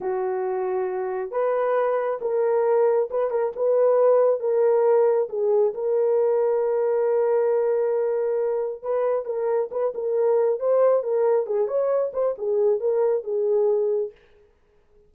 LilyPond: \new Staff \with { instrumentName = "horn" } { \time 4/4 \tempo 4 = 136 fis'2. b'4~ | b'4 ais'2 b'8 ais'8 | b'2 ais'2 | gis'4 ais'2.~ |
ais'1 | b'4 ais'4 b'8 ais'4. | c''4 ais'4 gis'8 cis''4 c''8 | gis'4 ais'4 gis'2 | }